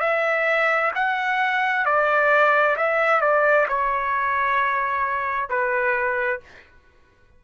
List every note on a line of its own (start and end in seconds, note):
0.00 0.91 E5
0.95 1.85 F#5
1.85 2.76 D5
2.76 3.21 E5
3.21 3.66 D5
3.68 5.49 C#5
5.49 6.40 B4